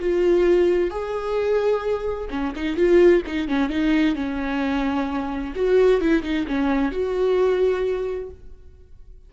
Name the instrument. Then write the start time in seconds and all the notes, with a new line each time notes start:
viola
0.00 F4
0.90 G#4
2.30 C#4
2.55 D#4
2.76 F4
3.26 D#4
3.48 C#4
3.70 D#4
4.15 C#4
5.55 F#4
6.01 E4
6.23 D#4
6.47 C#4
6.91 F#4